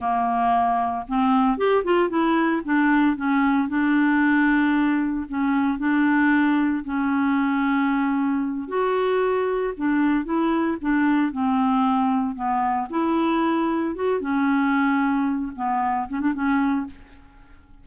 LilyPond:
\new Staff \with { instrumentName = "clarinet" } { \time 4/4 \tempo 4 = 114 ais2 c'4 g'8 f'8 | e'4 d'4 cis'4 d'4~ | d'2 cis'4 d'4~ | d'4 cis'2.~ |
cis'8 fis'2 d'4 e'8~ | e'8 d'4 c'2 b8~ | b8 e'2 fis'8 cis'4~ | cis'4. b4 cis'16 d'16 cis'4 | }